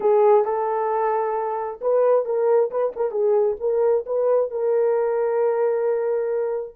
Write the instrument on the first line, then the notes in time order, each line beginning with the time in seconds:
horn
0.00 G#4
0.44 A4
1.81 B4
2.25 A#4
2.70 B4
2.96 A#4
3.11 G#4
3.59 A#4
4.06 B4
4.51 A#4